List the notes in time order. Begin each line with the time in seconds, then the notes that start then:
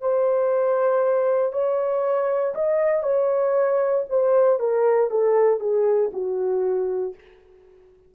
0.00 C5
1.52 C#5
2.54 D#5
3.03 C#5
4.09 C5
4.59 A#4
5.10 A4
5.60 G#4
6.12 F#4